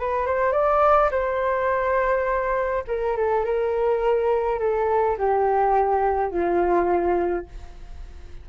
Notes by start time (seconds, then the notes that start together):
0.00 B4
0.27 C5
0.52 D5
1.11 C5
2.88 A#4
3.17 A4
3.45 A#4
4.59 A4
5.18 G4
6.31 F4